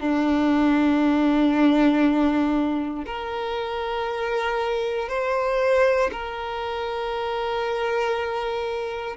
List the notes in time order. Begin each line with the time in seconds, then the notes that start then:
0.00 D4
3.06 A#4
5.09 C5
6.12 A#4